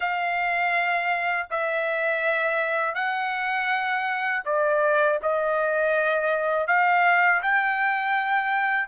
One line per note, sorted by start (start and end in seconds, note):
0.00 1.47 F5
1.50 2.94 E5
2.94 4.42 F#5
4.45 5.19 D5
5.22 6.67 D#5
6.67 7.41 F5
7.42 8.88 G5